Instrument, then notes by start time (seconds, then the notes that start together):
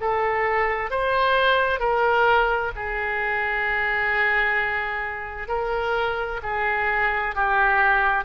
oboe
0.00 A4
0.90 C5
1.79 A#4
2.75 G#4
5.48 A#4
6.42 G#4
7.35 G4